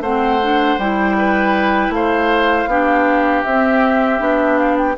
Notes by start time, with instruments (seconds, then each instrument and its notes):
0.00 bassoon A3, clarinet C4, oboe C5, flute F#5
0.41 clarinet D4
0.78 bassoon G3, clarinet E4, flute G5
1.17 oboe B4
1.89 bassoon A3, flute F5
1.95 oboe C5
2.66 bassoon B3, clarinet D4, oboe G4
3.44 bassoon C4, clarinet C4, flute E5
4.19 bassoon B3, clarinet D4
4.58 flute F5
4.77 flute G5